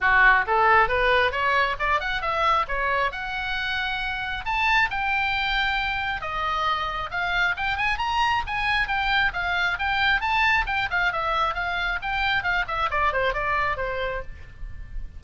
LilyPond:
\new Staff \with { instrumentName = "oboe" } { \time 4/4 \tempo 4 = 135 fis'4 a'4 b'4 cis''4 | d''8 fis''8 e''4 cis''4 fis''4~ | fis''2 a''4 g''4~ | g''2 dis''2 |
f''4 g''8 gis''8 ais''4 gis''4 | g''4 f''4 g''4 a''4 | g''8 f''8 e''4 f''4 g''4 | f''8 e''8 d''8 c''8 d''4 c''4 | }